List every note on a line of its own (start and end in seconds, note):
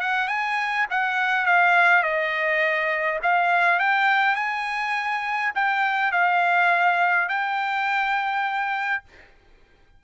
0.00 0.28 F#5
0.28 0.86 G#5
0.90 1.46 F#5
1.46 2.03 F5
2.03 3.19 D#5
3.22 3.79 F5
3.79 4.35 G5
4.35 5.52 G#5
5.55 6.12 G5
6.12 7.28 F5
7.28 9.03 G5